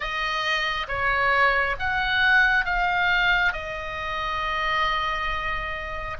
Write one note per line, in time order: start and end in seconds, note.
0.00 0.86 D#5
0.87 1.76 C#5
1.79 2.65 F#5
2.65 3.52 F5
3.52 6.17 D#5